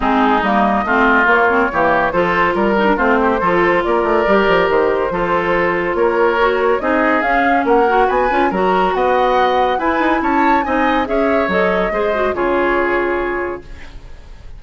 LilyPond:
<<
  \new Staff \with { instrumentName = "flute" } { \time 4/4 \tempo 4 = 141 gis'4 dis''2 cis''4~ | cis''4 c''4 ais'4 c''4~ | c''4 d''2 c''4~ | c''2 cis''2 |
dis''4 f''4 fis''4 gis''4 | ais''4 fis''2 gis''4 | a''4 gis''4 e''4 dis''4~ | dis''4 cis''2. | }
  \new Staff \with { instrumentName = "oboe" } { \time 4/4 dis'2 f'2 | g'4 a'4 ais'4 f'8 g'8 | a'4 ais'2. | a'2 ais'2 |
gis'2 ais'4 b'4 | ais'4 dis''2 b'4 | cis''4 dis''4 cis''2 | c''4 gis'2. | }
  \new Staff \with { instrumentName = "clarinet" } { \time 4/4 c'4 ais4 c'4 ais8 c'8 | ais4 f'4. dis'16 d'16 c'4 | f'2 g'2 | f'2. fis'4 |
dis'4 cis'4. fis'4 f'8 | fis'2. e'4~ | e'4 dis'4 gis'4 a'4 | gis'8 fis'8 f'2. | }
  \new Staff \with { instrumentName = "bassoon" } { \time 4/4 gis4 g4 a4 ais4 | e4 f4 g4 a4 | f4 ais8 a8 g8 f8 dis4 | f2 ais2 |
c'4 cis'4 ais4 b8 cis'8 | fis4 b2 e'8 dis'8 | cis'4 c'4 cis'4 fis4 | gis4 cis2. | }
>>